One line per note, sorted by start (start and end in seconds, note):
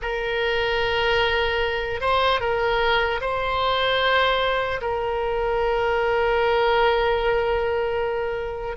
0.01 2.00 A#4
2.00 2.40 C5
2.40 3.20 A#4
3.20 4.80 C5
4.81 8.76 A#4